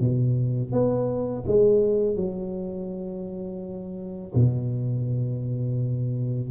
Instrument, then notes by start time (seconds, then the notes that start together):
tuba
0.00 B2
0.72 B3
1.47 G#3
2.16 F#3
4.35 B2